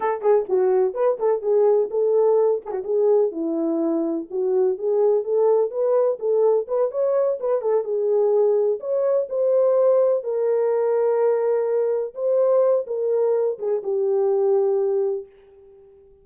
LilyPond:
\new Staff \with { instrumentName = "horn" } { \time 4/4 \tempo 4 = 126 a'8 gis'8 fis'4 b'8 a'8 gis'4 | a'4. gis'16 fis'16 gis'4 e'4~ | e'4 fis'4 gis'4 a'4 | b'4 a'4 b'8 cis''4 b'8 |
a'8 gis'2 cis''4 c''8~ | c''4. ais'2~ ais'8~ | ais'4. c''4. ais'4~ | ais'8 gis'8 g'2. | }